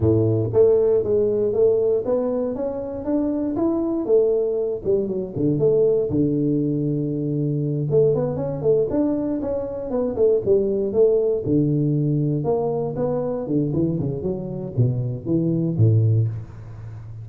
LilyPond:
\new Staff \with { instrumentName = "tuba" } { \time 4/4 \tempo 4 = 118 a,4 a4 gis4 a4 | b4 cis'4 d'4 e'4 | a4. g8 fis8 d8 a4 | d2.~ d8 a8 |
b8 cis'8 a8 d'4 cis'4 b8 | a8 g4 a4 d4.~ | d8 ais4 b4 d8 e8 cis8 | fis4 b,4 e4 a,4 | }